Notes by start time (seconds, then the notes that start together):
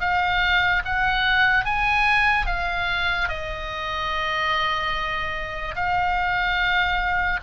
0.00 F5
0.85 F#5
1.65 G#5
2.46 F5
3.28 D#5
5.75 F5